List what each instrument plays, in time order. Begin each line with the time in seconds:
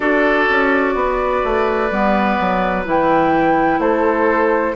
0.00 bassoon D4, clarinet F#4, oboe A4, flute D5
0.49 bassoon C#4
0.94 bassoon B3, oboe B4
1.43 bassoon A3
1.90 bassoon G3, clarinet B3
2.39 bassoon F#3
2.84 bassoon E3, clarinet E4, flute G5
3.79 bassoon A3, oboe A4, flute C5